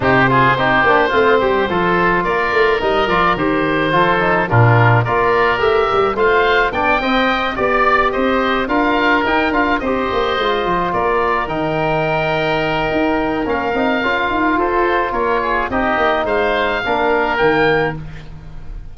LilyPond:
<<
  \new Staff \with { instrumentName = "oboe" } { \time 4/4 \tempo 4 = 107 c''1 | d''4 dis''8 d''8 c''2 | ais'4 d''4 e''4 f''4 | g''4. d''4 dis''4 f''8~ |
f''8 g''8 f''8 dis''2 d''8~ | d''8 g''2.~ g''8 | f''2 c''4 cis''4 | dis''4 f''2 g''4 | }
  \new Staff \with { instrumentName = "oboe" } { \time 4/4 g'8 gis'8 g'4 f'8 g'8 a'4 | ais'2. a'4 | f'4 ais'2 c''4 | d''8 dis''4 d''4 c''4 ais'8~ |
ais'4. c''2 ais'8~ | ais'1~ | ais'2 a'4 ais'8 gis'8 | g'4 c''4 ais'2 | }
  \new Staff \with { instrumentName = "trombone" } { \time 4/4 dis'8 f'8 dis'8 d'8 c'4 f'4~ | f'4 dis'8 f'8 g'4 f'8 dis'8 | d'4 f'4 g'4 f'4 | d'8 c'4 g'2 f'8~ |
f'8 dis'8 f'8 g'4 f'4.~ | f'8 dis'2.~ dis'8 | cis'8 dis'8 f'2. | dis'2 d'4 ais4 | }
  \new Staff \with { instrumentName = "tuba" } { \time 4/4 c4 c'8 ais8 a8 g8 f4 | ais8 a8 g8 f8 dis4 f4 | ais,4 ais4 a8 g8 a4 | b8 c'4 b4 c'4 d'8~ |
d'8 dis'8 d'8 c'8 ais8 gis8 f8 ais8~ | ais8 dis2~ dis8 dis'4 | ais8 c'8 cis'8 dis'8 f'4 ais4 | c'8 ais8 gis4 ais4 dis4 | }
>>